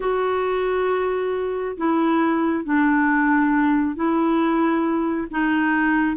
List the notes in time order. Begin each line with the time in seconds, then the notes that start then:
0.00 F#4
1.77 E4
2.64 D4
3.95 E4
5.31 D#4